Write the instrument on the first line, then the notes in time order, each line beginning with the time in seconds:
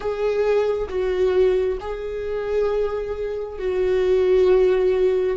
viola
0.00 G#4
0.88 F#4
1.80 G#4
3.59 F#4